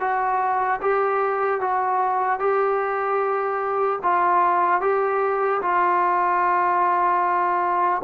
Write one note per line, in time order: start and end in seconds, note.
0.00 0.80 F#4
0.81 1.60 G4
1.60 2.39 F#4
2.39 3.99 G4
4.03 4.81 F4
4.81 5.61 G4
5.61 8.01 F4